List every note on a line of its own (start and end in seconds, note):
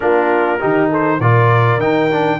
0.00 0.60 A#3
0.00 0.59 D4
0.00 0.59 F4
0.00 0.90 A#4
0.59 1.19 D#3
0.59 1.19 D#4
0.59 0.89 G4
0.90 1.20 A4
0.90 1.20 C5
1.19 1.77 A#2
1.19 1.80 F4
1.19 2.39 A#4
1.19 1.80 D5
1.77 2.37 D#3
1.77 2.10 D#4
1.77 2.39 G5
2.10 2.39 D4